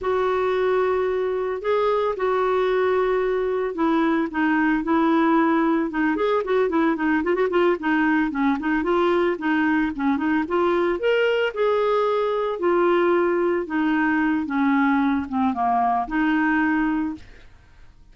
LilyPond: \new Staff \with { instrumentName = "clarinet" } { \time 4/4 \tempo 4 = 112 fis'2. gis'4 | fis'2. e'4 | dis'4 e'2 dis'8 gis'8 | fis'8 e'8 dis'8 f'16 fis'16 f'8 dis'4 cis'8 |
dis'8 f'4 dis'4 cis'8 dis'8 f'8~ | f'8 ais'4 gis'2 f'8~ | f'4. dis'4. cis'4~ | cis'8 c'8 ais4 dis'2 | }